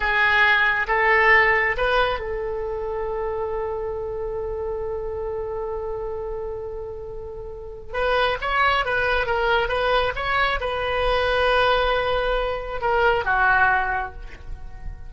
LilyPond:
\new Staff \with { instrumentName = "oboe" } { \time 4/4 \tempo 4 = 136 gis'2 a'2 | b'4 a'2.~ | a'1~ | a'1~ |
a'2 b'4 cis''4 | b'4 ais'4 b'4 cis''4 | b'1~ | b'4 ais'4 fis'2 | }